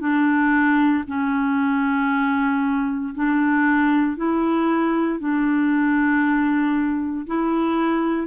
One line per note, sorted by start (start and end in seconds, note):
0.00 1.03 D4
1.07 3.14 C#4
3.15 4.17 D4
4.17 5.19 E4
5.19 7.26 D4
7.26 8.27 E4